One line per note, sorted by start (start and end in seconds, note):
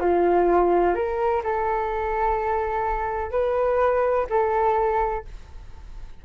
0.00 0.95 F4
0.95 1.42 A#4
1.44 3.31 A4
3.31 4.26 B4
4.29 5.25 A4